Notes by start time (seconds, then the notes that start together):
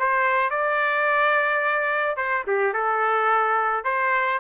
0.00 C5
0.51 D5
2.17 C5
2.47 G4
2.74 A4
3.85 C5